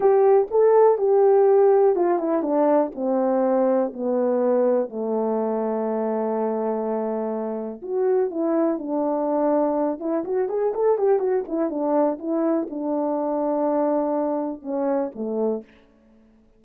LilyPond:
\new Staff \with { instrumentName = "horn" } { \time 4/4 \tempo 4 = 123 g'4 a'4 g'2 | f'8 e'8 d'4 c'2 | b2 a2~ | a1 |
fis'4 e'4 d'2~ | d'8 e'8 fis'8 gis'8 a'8 g'8 fis'8 e'8 | d'4 e'4 d'2~ | d'2 cis'4 a4 | }